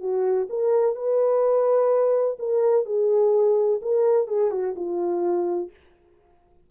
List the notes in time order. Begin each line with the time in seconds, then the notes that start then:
0.00 F#4
0.49 A#4
0.95 B4
2.39 A#4
2.85 G#4
3.81 A#4
4.27 G#4
4.51 F#4
4.75 F4